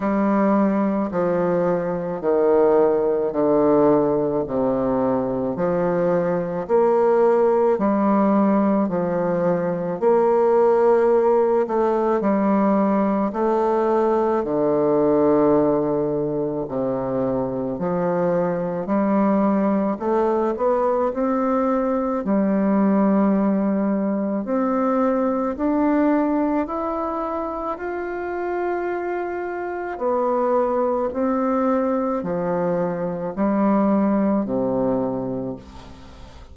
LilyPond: \new Staff \with { instrumentName = "bassoon" } { \time 4/4 \tempo 4 = 54 g4 f4 dis4 d4 | c4 f4 ais4 g4 | f4 ais4. a8 g4 | a4 d2 c4 |
f4 g4 a8 b8 c'4 | g2 c'4 d'4 | e'4 f'2 b4 | c'4 f4 g4 c4 | }